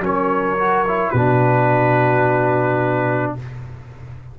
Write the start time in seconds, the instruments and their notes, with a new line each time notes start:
0.00 tuba F#3, trombone C#4, horn A#4, trumpet C#5
0.58 trombone F#4
0.88 trombone E4
1.10 tuba B2, horn F#4, trumpet B4
1.17 trombone D4